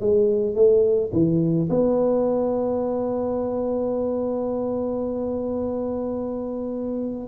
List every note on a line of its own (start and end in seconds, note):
0.00 0.55 G#3
0.55 1.11 A3
1.12 1.68 E3
1.69 7.28 B3